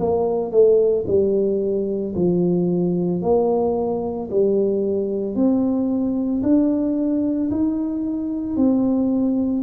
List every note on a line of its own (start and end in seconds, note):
0.00 0.52 A#3
0.52 1.05 A3
1.08 2.15 G3
2.16 3.22 F3
3.22 4.30 A#3
4.31 5.36 G3
5.36 6.43 C4
6.43 7.50 D4
7.51 8.57 D#4
8.57 9.63 C4